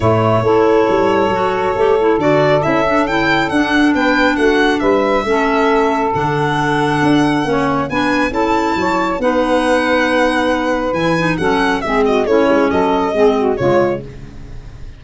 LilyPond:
<<
  \new Staff \with { instrumentName = "violin" } { \time 4/4 \tempo 4 = 137 cis''1~ | cis''4 d''4 e''4 g''4 | fis''4 g''4 fis''4 e''4~ | e''2 fis''2~ |
fis''2 gis''4 a''4~ | a''4 fis''2.~ | fis''4 gis''4 fis''4 e''8 dis''8 | cis''4 dis''2 cis''4 | }
  \new Staff \with { instrumentName = "saxophone" } { \time 4/4 e'4 a'2.~ | a'1~ | a'4 b'4 fis'4 b'4 | a'1~ |
a'4 cis''4 b'4 a'4 | cis''4 b'2.~ | b'2 a'4 gis'8 fis'8 | e'4 a'4 gis'8 fis'8 f'4 | }
  \new Staff \with { instrumentName = "clarinet" } { \time 4/4 a4 e'2 fis'4 | g'8 e'8 fis'4 e'8 d'8 e'4 | d'1 | cis'2 d'2~ |
d'4 cis'4 d'4 e'4~ | e'4 dis'2.~ | dis'4 e'8 dis'8 cis'4 c'4 | cis'2 c'4 gis4 | }
  \new Staff \with { instrumentName = "tuba" } { \time 4/4 a,4 a4 g4 fis4 | a4 d4 cis'2 | d'4 b4 a4 g4 | a2 d2 |
d'4 ais4 b4 cis'4 | fis4 b2.~ | b4 e4 fis4 gis4 | a8 gis8 fis4 gis4 cis4 | }
>>